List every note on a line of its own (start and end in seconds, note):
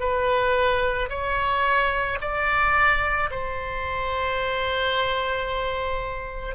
0.00 1.09 B4
1.10 2.19 C#5
2.21 3.30 D5
3.31 6.56 C5